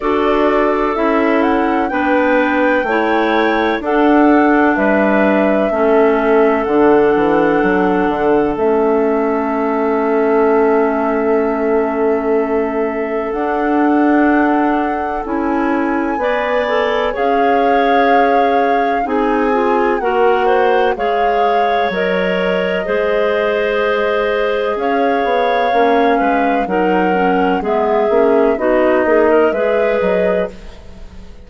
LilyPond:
<<
  \new Staff \with { instrumentName = "flute" } { \time 4/4 \tempo 4 = 63 d''4 e''8 fis''8 g''2 | fis''4 e''2 fis''4~ | fis''4 e''2.~ | e''2 fis''2 |
gis''2 f''2 | gis''4 fis''4 f''4 dis''4~ | dis''2 f''2 | fis''4 e''4 dis''4 e''8 dis''8 | }
  \new Staff \with { instrumentName = "clarinet" } { \time 4/4 a'2 b'4 cis''4 | a'4 b'4 a'2~ | a'1~ | a'1~ |
a'4 d''4 cis''2 | gis'4 ais'8 c''8 cis''2 | c''2 cis''4. b'8 | ais'4 gis'4 fis'8 gis'16 ais'16 b'4 | }
  \new Staff \with { instrumentName = "clarinet" } { \time 4/4 fis'4 e'4 d'4 e'4 | d'2 cis'4 d'4~ | d'4 cis'2.~ | cis'2 d'2 |
e'4 b'8 a'8 gis'2 | dis'8 f'8 fis'4 gis'4 ais'4 | gis'2. cis'4 | dis'8 cis'8 b8 cis'8 dis'4 gis'4 | }
  \new Staff \with { instrumentName = "bassoon" } { \time 4/4 d'4 cis'4 b4 a4 | d'4 g4 a4 d8 e8 | fis8 d8 a2.~ | a2 d'2 |
cis'4 b4 cis'2 | c'4 ais4 gis4 fis4 | gis2 cis'8 b8 ais8 gis8 | fis4 gis8 ais8 b8 ais8 gis8 fis8 | }
>>